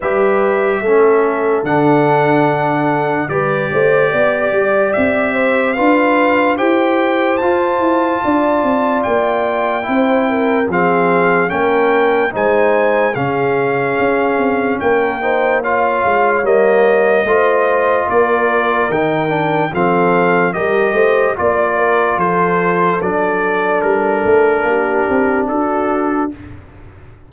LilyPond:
<<
  \new Staff \with { instrumentName = "trumpet" } { \time 4/4 \tempo 4 = 73 e''2 fis''2 | d''2 e''4 f''4 | g''4 a''2 g''4~ | g''4 f''4 g''4 gis''4 |
f''2 g''4 f''4 | dis''2 d''4 g''4 | f''4 dis''4 d''4 c''4 | d''4 ais'2 a'4 | }
  \new Staff \with { instrumentName = "horn" } { \time 4/4 b'4 a'2. | b'8 c''8 d''4. c''8 b'4 | c''2 d''2 | c''8 ais'8 gis'4 ais'4 c''4 |
gis'2 ais'8 c''8 cis''4~ | cis''4 c''4 ais'2 | a'4 ais'8 c''8 d''8 ais'8 a'4~ | a'2 g'4 fis'4 | }
  \new Staff \with { instrumentName = "trombone" } { \time 4/4 g'4 cis'4 d'2 | g'2. f'4 | g'4 f'2. | e'4 c'4 cis'4 dis'4 |
cis'2~ cis'8 dis'8 f'4 | ais4 f'2 dis'8 d'8 | c'4 g'4 f'2 | d'1 | }
  \new Staff \with { instrumentName = "tuba" } { \time 4/4 g4 a4 d2 | g8 a8 b8 g8 c'4 d'4 | e'4 f'8 e'8 d'8 c'8 ais4 | c'4 f4 ais4 gis4 |
cis4 cis'8 c'8 ais4. gis8 | g4 a4 ais4 dis4 | f4 g8 a8 ais4 f4 | fis4 g8 a8 ais8 c'8 d'4 | }
>>